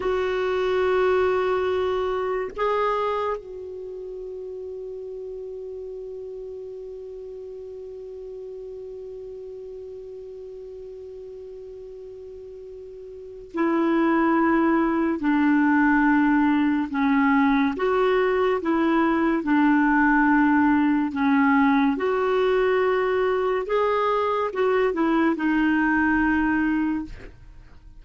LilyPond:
\new Staff \with { instrumentName = "clarinet" } { \time 4/4 \tempo 4 = 71 fis'2. gis'4 | fis'1~ | fis'1~ | fis'1 |
e'2 d'2 | cis'4 fis'4 e'4 d'4~ | d'4 cis'4 fis'2 | gis'4 fis'8 e'8 dis'2 | }